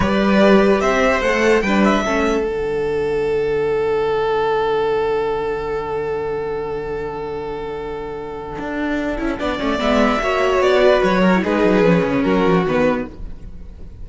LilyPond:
<<
  \new Staff \with { instrumentName = "violin" } { \time 4/4 \tempo 4 = 147 d''2 e''4 fis''4 | g''8 e''4. fis''2~ | fis''1~ | fis''1~ |
fis''1~ | fis''1 | e''2 d''4 cis''4 | b'2 ais'4 b'4 | }
  \new Staff \with { instrumentName = "violin" } { \time 4/4 b'2 c''2 | b'4 a'2.~ | a'1~ | a'1~ |
a'1~ | a'2. d''4~ | d''4 cis''4. b'4 ais'8 | gis'2 fis'2 | }
  \new Staff \with { instrumentName = "viola" } { \time 4/4 g'2. a'4 | d'4 cis'4 d'2~ | d'1~ | d'1~ |
d'1~ | d'2~ d'8 e'8 d'8 cis'8 | b4 fis'2~ fis'8. e'16 | dis'4 cis'2 b4 | }
  \new Staff \with { instrumentName = "cello" } { \time 4/4 g2 c'4 a4 | g4 a4 d2~ | d1~ | d1~ |
d1~ | d4 d'4. cis'8 b8 a8 | gis4 ais4 b4 fis4 | gis8 fis8 f8 cis8 fis8 f8 dis4 | }
>>